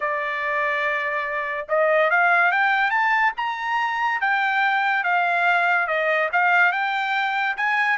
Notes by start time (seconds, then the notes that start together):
0.00 D5
1.68 D#5
2.10 F5
2.51 G5
2.90 A5
3.36 A#5
4.21 G5
5.03 F5
5.87 D#5
6.32 F5
6.72 G5
7.56 G#5